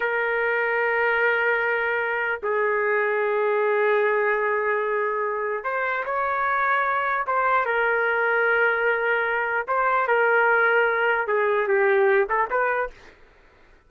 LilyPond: \new Staff \with { instrumentName = "trumpet" } { \time 4/4 \tempo 4 = 149 ais'1~ | ais'2 gis'2~ | gis'1~ | gis'2 c''4 cis''4~ |
cis''2 c''4 ais'4~ | ais'1 | c''4 ais'2. | gis'4 g'4. a'8 b'4 | }